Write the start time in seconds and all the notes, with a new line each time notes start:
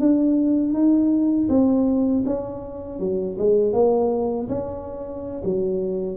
0.00 D4
0.74 D#4
1.49 C4
2.26 C#4
3.00 F#3
3.38 G#3
3.73 A#3
4.49 C#4
5.45 F#3